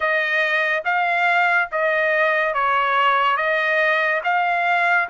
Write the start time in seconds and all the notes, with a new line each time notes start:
0.00 D#5
0.85 F5
1.71 D#5
2.54 C#5
3.36 D#5
4.24 F5